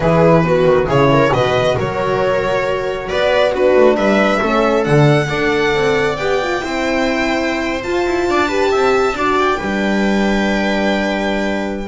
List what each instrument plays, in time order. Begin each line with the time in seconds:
0.00 double bass E3, horn E4, viola G#4, violin B4
0.43 horn B3, viola F#4
0.65 double bass D#3
0.87 double bass C#3, horn E4, viola G#4, violin C#5
1.12 viola A#4
1.31 double bass B2, horn F#4, viola B4, violin D#5
1.76 double bass F#3, viola A#4, violin C#5
3.08 double bass B3, viola B4, violin D5
3.52 horn D4, viola F#4, violin B4
3.76 double bass A3
3.95 double bass G3, viola B4, violin E5
4.39 double bass A3, horn C#4, viola A4
4.84 double bass D3, horn D4, violin F#5
5.29 double bass D4, horn A4, viola D5
5.74 double bass C4
6.16 double bass B3, horn G4, violin G5
6.42 horn F4
6.60 double bass C4, horn E4, viola C5
7.83 horn F4, double bass F4, violin A5
8.06 double bass E4
8.28 double bass D4, viola D5
8.48 horn G4, viola B4
8.71 double bass C4, viola E5
9.12 double bass D4, horn F#4, viola D5
9.39 violin G5
9.57 double bass G3, horn D4, viola B4